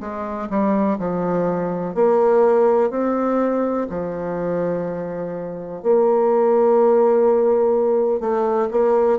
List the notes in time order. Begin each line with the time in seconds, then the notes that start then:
0.00 G#3
0.49 G3
0.98 F3
1.94 A#3
2.90 C4
3.89 F3
5.82 A#3
8.20 A3
8.71 A#3